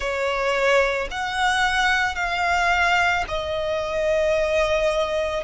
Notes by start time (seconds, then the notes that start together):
0.00 C#5
1.10 F#5
2.15 F5
3.28 D#5